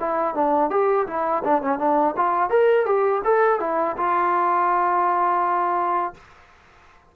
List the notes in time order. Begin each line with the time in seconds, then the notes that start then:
0.00 E4
0.35 D4
0.71 G4
1.07 E4
1.45 D4
1.62 C#4
1.79 D4
2.17 F4
2.50 A#4
2.86 G4
3.25 A4
3.60 E4
3.97 F4